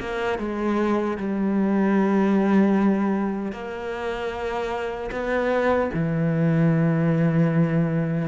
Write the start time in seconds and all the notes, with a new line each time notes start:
0.00 A#3
0.39 G#3
1.17 G3
3.52 A#3
5.11 B3
5.94 E3